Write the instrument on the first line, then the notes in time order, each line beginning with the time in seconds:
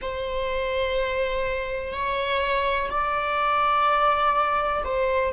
viola
0.01 C5
1.92 C#5
2.89 D5
4.84 C5